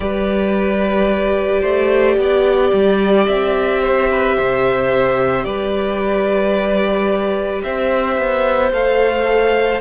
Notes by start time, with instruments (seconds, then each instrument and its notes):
0.00 cello G3, viola G4, violin B4 D5
1.60 cello A3, violin C5
2.17 cello B3, violin D5
2.73 cello G3
3.26 cello C4, violin E5
3.81 violin C5
4.11 violin B4
4.36 cello C3, violin C5
5.43 cello G3, violin B4 D5
7.62 cello C4, violin C5 E5
8.17 cello B3
8.71 cello A3, viola A4, violin F5